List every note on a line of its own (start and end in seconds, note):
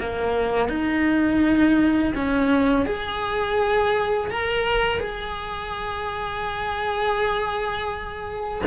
0.00 0.69 A#3
0.69 2.14 D#4
2.15 2.86 C#4
2.86 4.30 G#4
4.30 5.00 A#4
5.00 8.62 G#4